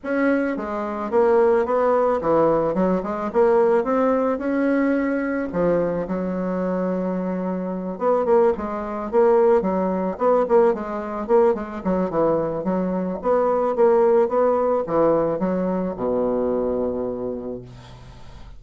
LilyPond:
\new Staff \with { instrumentName = "bassoon" } { \time 4/4 \tempo 4 = 109 cis'4 gis4 ais4 b4 | e4 fis8 gis8 ais4 c'4 | cis'2 f4 fis4~ | fis2~ fis8 b8 ais8 gis8~ |
gis8 ais4 fis4 b8 ais8 gis8~ | gis8 ais8 gis8 fis8 e4 fis4 | b4 ais4 b4 e4 | fis4 b,2. | }